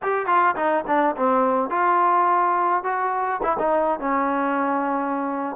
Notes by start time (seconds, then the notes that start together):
0.02 G4
0.26 F4
0.56 D#4
0.87 D4
1.16 C4
1.70 F4
2.83 F#4
3.43 E4
3.58 D#4
3.99 C#4